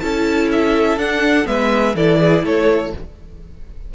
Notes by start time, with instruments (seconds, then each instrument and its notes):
0.00 cello C#4, viola E4, violin A4 A5
0.52 violin E5
0.97 cello D4, viola D4, violin F#5
1.45 cello G#3, viola B3, violin B4 E5
1.95 cello E3, viola E4, violin A4 D5
2.20 violin G#4
2.44 cello A3, violin A4 C#5